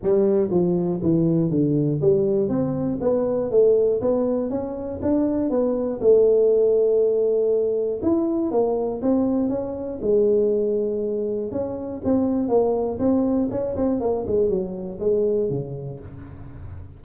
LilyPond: \new Staff \with { instrumentName = "tuba" } { \time 4/4 \tempo 4 = 120 g4 f4 e4 d4 | g4 c'4 b4 a4 | b4 cis'4 d'4 b4 | a1 |
e'4 ais4 c'4 cis'4 | gis2. cis'4 | c'4 ais4 c'4 cis'8 c'8 | ais8 gis8 fis4 gis4 cis4 | }